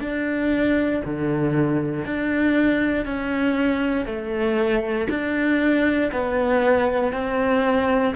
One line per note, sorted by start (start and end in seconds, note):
0.00 1.02 D4
1.04 2.05 D3
2.05 3.05 D4
3.05 4.05 C#4
4.05 5.07 A3
5.09 6.11 D4
6.12 7.12 B3
7.12 8.14 C4